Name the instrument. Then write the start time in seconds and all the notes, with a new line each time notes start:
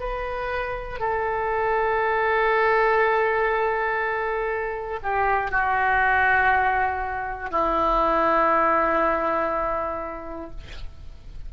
oboe
0.00 B4
1.00 A4
5.03 G4
5.51 F#4
7.51 E4